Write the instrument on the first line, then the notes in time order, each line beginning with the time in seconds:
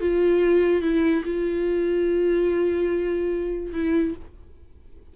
viola
0.00 F4
0.82 E4
1.25 F4
3.73 E4